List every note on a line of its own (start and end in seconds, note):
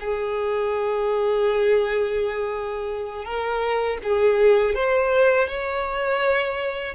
0.00 3.25 G#4
3.25 3.98 A#4
4.03 4.75 G#4
4.75 5.48 C5
5.48 6.94 C#5